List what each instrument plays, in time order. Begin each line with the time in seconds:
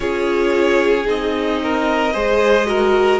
0.00 cello C#4, viola F4, violin G#4 C#5
1.05 cello C4, viola D#4, violin D#5
1.62 violin A#4
2.12 cello G#3, viola G#4, violin C5
2.66 viola F#4, violin A#4